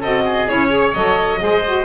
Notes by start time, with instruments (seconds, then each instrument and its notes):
0.00 double bass C4, saxophone F#4, oboe A4, violin D#5
0.25 oboe G#4
0.48 double bass C#4, saxophone E4, violin C#5
0.69 saxophone G#4, oboe C#5
0.94 double bass F#3, saxophone A4, violin D#5
1.39 double bass G#3, saxophone G#4, oboe C5
1.66 saxophone F#4